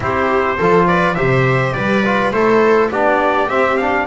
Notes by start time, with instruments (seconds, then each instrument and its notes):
0.00 double bass C4, trombone E4, viola G4, trumpet C5
0.57 double bass F3, trombone F4, viola A4
0.87 viola B4, trumpet D5
1.15 double bass C3, trombone G4, viola C5, trumpet E5
1.73 double bass G3, viola B4, trumpet D5
2.05 trombone F4
2.31 double bass A3, trombone E4, viola A4, trumpet C5
2.90 double bass B3, trombone D4, viola G4, trumpet D5
3.48 trombone C4, double bass C4, trumpet E5
3.77 trombone D4, trumpet F5